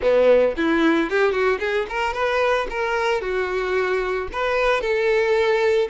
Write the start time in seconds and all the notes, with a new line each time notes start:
0.02 B3
0.56 E4
1.10 G4
1.31 F#4
1.59 G#4
1.89 A#4
2.13 B4
2.69 A#4
3.21 F#4
4.32 B4
4.81 A4